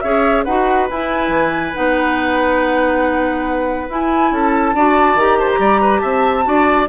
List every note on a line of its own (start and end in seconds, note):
0.00 0.46 C#4
0.00 0.46 G#4
0.00 0.44 C#5
0.00 0.43 E5
0.44 0.89 D#4
0.44 0.90 F#4
0.44 4.30 B4
0.44 0.87 F#5
0.89 1.28 E4
0.89 1.74 E4
0.89 1.74 G#5
1.28 1.71 E3
1.74 3.88 B3
1.74 3.88 D#4
1.74 3.88 F#5
3.88 4.31 E4
3.88 4.74 E4
3.88 4.33 G#5
4.31 4.73 C#4
4.31 4.75 A4
4.31 5.19 A5
4.73 5.14 D4
4.73 5.18 F#4
4.73 5.38 D5
5.14 5.57 D#3
5.14 6.43 G4
5.14 5.38 A#5
5.38 5.59 C5
5.38 5.49 A5
5.51 5.99 A#5
5.58 6.01 G3
5.58 5.81 D5
5.81 6.00 B4
5.99 6.46 C4
5.99 6.43 E5
5.99 6.85 A5
6.43 6.89 D4
6.43 6.86 F#4
6.43 6.89 D5